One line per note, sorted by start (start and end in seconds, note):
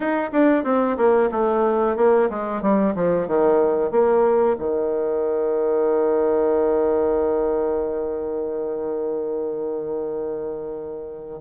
0.00 0.30 D#4
0.32 0.64 D4
0.64 0.96 C4
0.97 1.29 A#3
1.31 1.96 A3
1.96 2.29 A#3
2.30 2.61 G#3
2.61 2.94 G3
2.95 3.27 F3
3.27 3.91 D#3
3.91 4.56 A#3
4.58 11.40 D#3